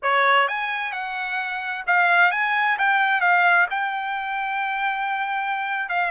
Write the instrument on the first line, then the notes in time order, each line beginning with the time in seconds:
trumpet
0.02 C#5
0.48 G#5
0.92 F#5
1.86 F5
2.31 G#5
2.78 G5
3.20 F5
3.70 G5
5.89 F5